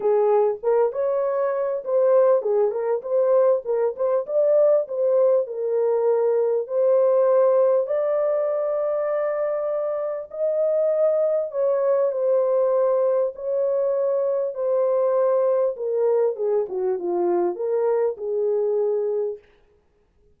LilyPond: \new Staff \with { instrumentName = "horn" } { \time 4/4 \tempo 4 = 99 gis'4 ais'8 cis''4. c''4 | gis'8 ais'8 c''4 ais'8 c''8 d''4 | c''4 ais'2 c''4~ | c''4 d''2.~ |
d''4 dis''2 cis''4 | c''2 cis''2 | c''2 ais'4 gis'8 fis'8 | f'4 ais'4 gis'2 | }